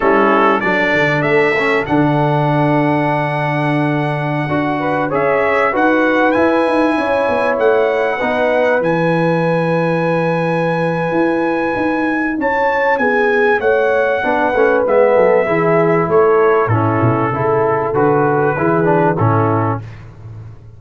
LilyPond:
<<
  \new Staff \with { instrumentName = "trumpet" } { \time 4/4 \tempo 4 = 97 a'4 d''4 e''4 fis''4~ | fis''1~ | fis''16 e''4 fis''4 gis''4.~ gis''16~ | gis''16 fis''2 gis''4.~ gis''16~ |
gis''1 | a''4 gis''4 fis''2 | e''2 cis''4 a'4~ | a'4 b'2 a'4 | }
  \new Staff \with { instrumentName = "horn" } { \time 4/4 e'4 a'2.~ | a'2.~ a'8. b'16~ | b'16 cis''4 b'2 cis''8.~ | cis''4~ cis''16 b'2~ b'8.~ |
b'1 | cis''4 gis'4 cis''4 b'4~ | b'8 a'8 gis'4 a'4 e'4 | a'2 gis'4 e'4 | }
  \new Staff \with { instrumentName = "trombone" } { \time 4/4 cis'4 d'4. cis'8 d'4~ | d'2.~ d'16 fis'8.~ | fis'16 gis'4 fis'4 e'4.~ e'16~ | e'4~ e'16 dis'4 e'4.~ e'16~ |
e'1~ | e'2. d'8 cis'8 | b4 e'2 cis'4 | e'4 fis'4 e'8 d'8 cis'4 | }
  \new Staff \with { instrumentName = "tuba" } { \time 4/4 g4 fis8 d8 a4 d4~ | d2.~ d16 d'8.~ | d'16 cis'4 dis'4 e'8 dis'8 cis'8 b16~ | b16 a4 b4 e4.~ e16~ |
e2 e'4 dis'4 | cis'4 b4 a4 b8 a8 | gis8 fis8 e4 a4 a,8 b,8 | cis4 d4 e4 a,4 | }
>>